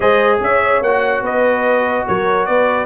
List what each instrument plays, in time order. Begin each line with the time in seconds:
0.00 tuba G#3, trombone G#4, horn C5, trumpet D#5
0.40 tuba C#4, horn C#5, trumpet E5
0.81 tuba A#3, trombone F#4, trumpet F#5
1.21 tuba B3, horn B4, trumpet D#5
2.07 tuba F#3, horn A#4, trumpet C#5
2.45 tuba B3, horn B4, trumpet D5